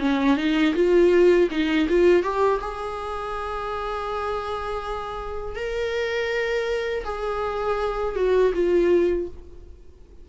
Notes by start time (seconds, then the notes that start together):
0.00 C#4
0.37 D#4
0.75 F4
1.51 D#4
1.90 F4
2.24 G4
2.61 G#4
5.56 A#4
7.05 G#4
8.16 F#4
8.55 F4